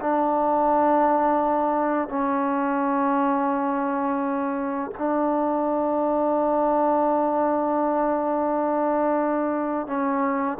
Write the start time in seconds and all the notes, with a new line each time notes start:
0.00 D4
2.08 C#4
4.98 D4
9.87 C#4